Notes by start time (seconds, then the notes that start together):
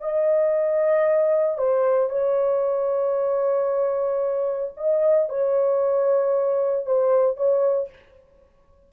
0.00 D#5
1.57 C5
2.09 C#5
4.77 D#5
5.29 C#5
6.86 C5
7.36 C#5